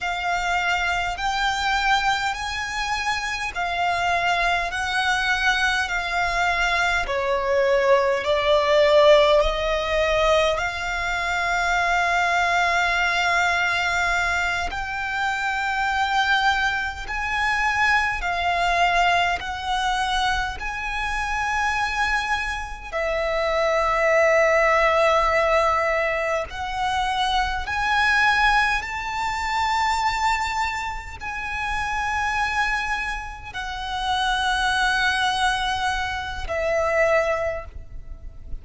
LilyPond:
\new Staff \with { instrumentName = "violin" } { \time 4/4 \tempo 4 = 51 f''4 g''4 gis''4 f''4 | fis''4 f''4 cis''4 d''4 | dis''4 f''2.~ | f''8 g''2 gis''4 f''8~ |
f''8 fis''4 gis''2 e''8~ | e''2~ e''8 fis''4 gis''8~ | gis''8 a''2 gis''4.~ | gis''8 fis''2~ fis''8 e''4 | }